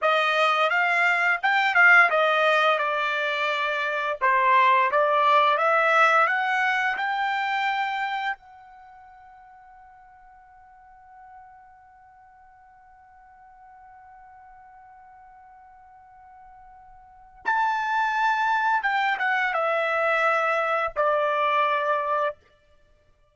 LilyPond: \new Staff \with { instrumentName = "trumpet" } { \time 4/4 \tempo 4 = 86 dis''4 f''4 g''8 f''8 dis''4 | d''2 c''4 d''4 | e''4 fis''4 g''2 | fis''1~ |
fis''1~ | fis''1~ | fis''4 a''2 g''8 fis''8 | e''2 d''2 | }